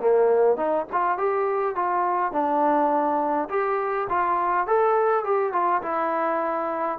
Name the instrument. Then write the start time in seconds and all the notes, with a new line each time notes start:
trombone
0.00 A#3
0.57 D#4
0.92 F4
1.18 G4
1.76 F4
2.32 D4
3.50 G4
4.09 F4
4.67 A4
5.25 G4
5.53 F4
5.83 E4